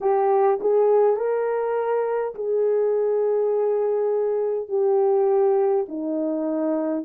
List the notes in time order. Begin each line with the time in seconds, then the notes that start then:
0.01 G4
0.60 G#4
1.16 A#4
2.34 G#4
4.68 G4
5.88 D#4